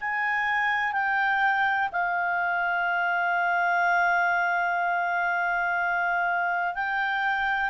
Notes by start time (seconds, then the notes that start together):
0.00 G#5
0.92 G5
1.92 F5
6.75 G5